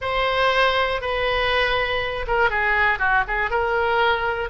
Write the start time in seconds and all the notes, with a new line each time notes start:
0.01 C5
1.01 B4
2.27 A#4
2.50 G#4
2.99 F#4
3.27 G#4
3.50 A#4